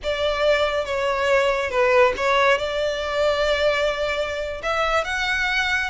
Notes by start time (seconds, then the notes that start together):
0.03 D5
0.85 C#5
1.70 B4
2.16 C#5
2.58 D5
4.62 E5
5.04 F#5